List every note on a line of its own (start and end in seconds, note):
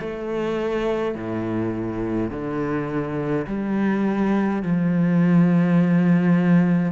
0.00 1.15 A3
1.15 2.31 A2
2.31 3.46 D3
3.47 4.63 G3
4.63 6.92 F3